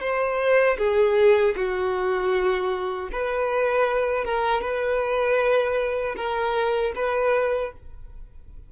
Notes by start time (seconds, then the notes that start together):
0.00 C5
0.78 G#4
1.55 F#4
3.12 B4
4.24 A#4
4.61 B4
6.16 A#4
6.95 B4